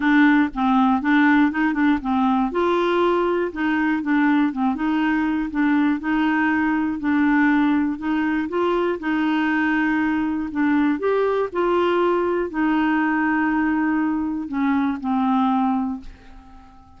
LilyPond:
\new Staff \with { instrumentName = "clarinet" } { \time 4/4 \tempo 4 = 120 d'4 c'4 d'4 dis'8 d'8 | c'4 f'2 dis'4 | d'4 c'8 dis'4. d'4 | dis'2 d'2 |
dis'4 f'4 dis'2~ | dis'4 d'4 g'4 f'4~ | f'4 dis'2.~ | dis'4 cis'4 c'2 | }